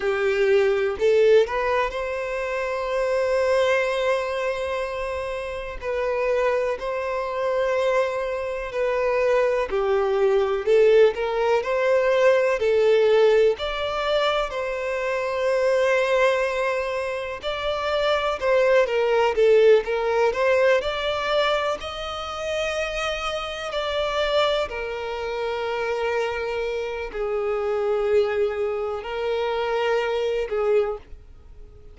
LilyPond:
\new Staff \with { instrumentName = "violin" } { \time 4/4 \tempo 4 = 62 g'4 a'8 b'8 c''2~ | c''2 b'4 c''4~ | c''4 b'4 g'4 a'8 ais'8 | c''4 a'4 d''4 c''4~ |
c''2 d''4 c''8 ais'8 | a'8 ais'8 c''8 d''4 dis''4.~ | dis''8 d''4 ais'2~ ais'8 | gis'2 ais'4. gis'8 | }